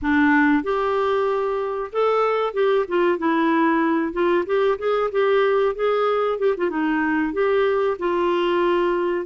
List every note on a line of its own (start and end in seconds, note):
0.01 0.63 D4
0.63 1.91 G4
1.92 2.53 A4
2.53 2.85 G4
2.88 3.18 F4
3.18 4.12 E4
4.12 4.44 F4
4.46 4.78 G4
4.78 5.10 G#4
5.11 5.74 G4
5.74 6.38 G#4
6.39 6.55 G4
6.57 6.70 F4
6.70 7.33 D#4
7.33 7.97 G4
7.98 9.26 F4